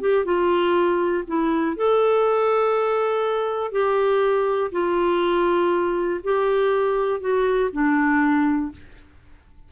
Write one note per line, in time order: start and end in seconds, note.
0.00 0.24 G4
0.24 1.24 F4
1.27 1.76 E4
1.76 3.71 A4
3.71 4.70 G4
4.71 6.20 F4
6.23 7.20 G4
7.20 7.70 F#4
7.72 8.71 D4